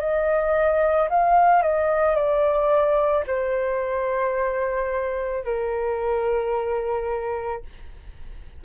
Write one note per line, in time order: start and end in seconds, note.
0.00 1.09 D#5
1.10 1.63 F5
1.63 2.15 D#5
2.15 3.24 D5
3.27 5.44 C5
5.44 7.63 A#4